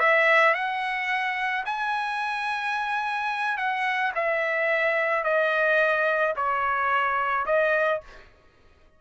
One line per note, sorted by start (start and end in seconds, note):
0.00 0.55 E5
0.55 1.65 F#5
1.66 3.58 G#5
3.58 4.13 F#5
4.16 5.24 E5
5.24 6.35 D#5
6.37 7.47 C#5
7.47 8.02 D#5